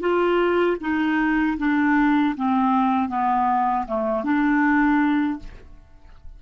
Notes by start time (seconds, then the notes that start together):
0.00 F4
0.80 D#4
1.58 D4
2.36 C4
3.09 B3
3.87 A3
4.24 D4